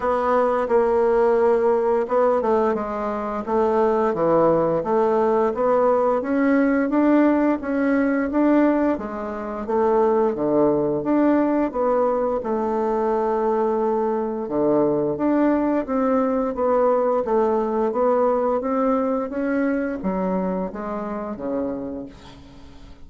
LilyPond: \new Staff \with { instrumentName = "bassoon" } { \time 4/4 \tempo 4 = 87 b4 ais2 b8 a8 | gis4 a4 e4 a4 | b4 cis'4 d'4 cis'4 | d'4 gis4 a4 d4 |
d'4 b4 a2~ | a4 d4 d'4 c'4 | b4 a4 b4 c'4 | cis'4 fis4 gis4 cis4 | }